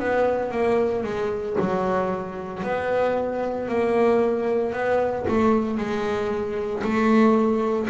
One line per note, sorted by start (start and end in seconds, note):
0.00 0.52 B3
0.52 1.04 A#3
1.04 1.56 G#3
1.60 2.64 F#3
2.64 3.69 B3
3.69 4.73 A#3
4.73 5.26 B3
5.28 5.78 A3
5.78 6.83 G#3
6.84 7.89 A3